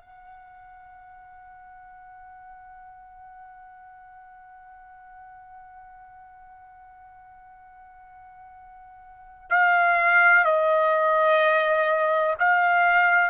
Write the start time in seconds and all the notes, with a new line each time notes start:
0.00 F#5
9.49 F5
10.44 D#5
12.39 F5